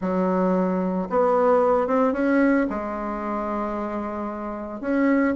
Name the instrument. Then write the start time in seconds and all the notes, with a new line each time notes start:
bassoon
0.01 F#3
1.09 B3
1.87 C4
2.13 C#4
2.69 G#3
4.80 C#4